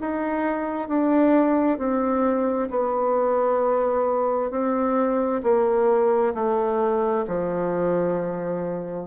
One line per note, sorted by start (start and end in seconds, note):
0.00 0.88 D#4
0.88 1.78 D4
1.78 2.69 C4
2.69 4.50 B3
4.50 5.41 C4
5.43 6.33 A#3
6.34 7.25 A3
7.27 9.06 F3